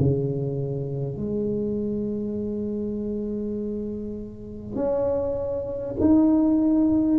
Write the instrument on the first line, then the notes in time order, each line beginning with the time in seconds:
tuba
0.00 C#3
1.17 G#3
4.76 C#4
6.01 D#4